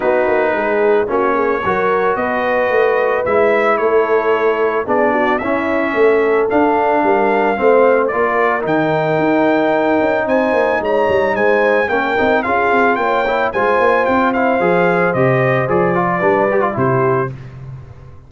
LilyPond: <<
  \new Staff \with { instrumentName = "trumpet" } { \time 4/4 \tempo 4 = 111 b'2 cis''2 | dis''2 e''4 cis''4~ | cis''4 d''4 e''2 | f''2. d''4 |
g''2. gis''4 | ais''4 gis''4 g''4 f''4 | g''4 gis''4 g''8 f''4. | dis''4 d''2 c''4 | }
  \new Staff \with { instrumentName = "horn" } { \time 4/4 fis'4 gis'4 fis'8 gis'8 ais'4 | b'2. a'4~ | a'4 gis'8 fis'8 e'4 a'4~ | a'4 ais'4 c''4 ais'4~ |
ais'2. c''4 | cis''4 c''4 ais'4 gis'4 | cis''4 c''2.~ | c''2 b'4 g'4 | }
  \new Staff \with { instrumentName = "trombone" } { \time 4/4 dis'2 cis'4 fis'4~ | fis'2 e'2~ | e'4 d'4 cis'2 | d'2 c'4 f'4 |
dis'1~ | dis'2 cis'8 dis'8 f'4~ | f'8 e'8 f'4. e'8 gis'4 | g'4 gis'8 f'8 d'8 g'16 f'16 e'4 | }
  \new Staff \with { instrumentName = "tuba" } { \time 4/4 b8 ais8 gis4 ais4 fis4 | b4 a4 gis4 a4~ | a4 b4 cis'4 a4 | d'4 g4 a4 ais4 |
dis4 dis'4. cis'8 c'8 ais8 | gis8 g8 gis4 ais8 c'8 cis'8 c'8 | ais4 gis8 ais8 c'4 f4 | c4 f4 g4 c4 | }
>>